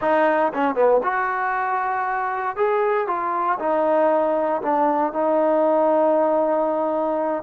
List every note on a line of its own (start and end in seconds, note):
0.01 0.52 D#4
0.53 0.75 C#4
0.75 1.00 B3
1.03 2.56 F#4
2.56 3.07 G#4
3.07 3.58 F4
3.59 4.61 D#4
4.62 5.13 D4
5.13 7.43 D#4